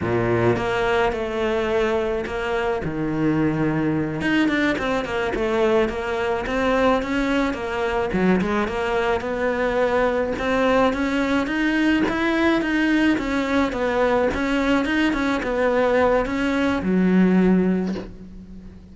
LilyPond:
\new Staff \with { instrumentName = "cello" } { \time 4/4 \tempo 4 = 107 ais,4 ais4 a2 | ais4 dis2~ dis8 dis'8 | d'8 c'8 ais8 a4 ais4 c'8~ | c'8 cis'4 ais4 fis8 gis8 ais8~ |
ais8 b2 c'4 cis'8~ | cis'8 dis'4 e'4 dis'4 cis'8~ | cis'8 b4 cis'4 dis'8 cis'8 b8~ | b4 cis'4 fis2 | }